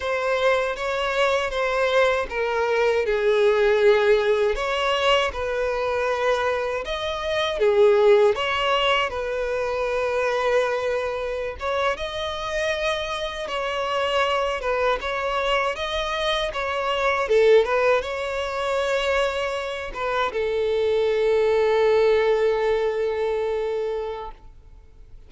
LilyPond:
\new Staff \with { instrumentName = "violin" } { \time 4/4 \tempo 4 = 79 c''4 cis''4 c''4 ais'4 | gis'2 cis''4 b'4~ | b'4 dis''4 gis'4 cis''4 | b'2.~ b'16 cis''8 dis''16~ |
dis''4.~ dis''16 cis''4. b'8 cis''16~ | cis''8. dis''4 cis''4 a'8 b'8 cis''16~ | cis''2~ cis''16 b'8 a'4~ a'16~ | a'1 | }